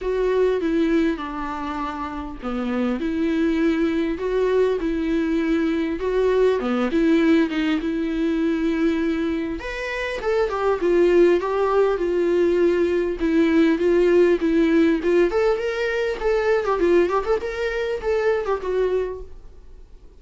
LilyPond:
\new Staff \with { instrumentName = "viola" } { \time 4/4 \tempo 4 = 100 fis'4 e'4 d'2 | b4 e'2 fis'4 | e'2 fis'4 b8 e'8~ | e'8 dis'8 e'2. |
b'4 a'8 g'8 f'4 g'4 | f'2 e'4 f'4 | e'4 f'8 a'8 ais'4 a'8. g'16 | f'8 g'16 a'16 ais'4 a'8. g'16 fis'4 | }